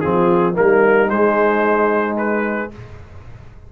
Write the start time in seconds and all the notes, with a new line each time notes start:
0.00 F3 C4 F4 G#4
0.53 G3 A#3 D#4 A#4
1.09 G#3 C5
2.17 B4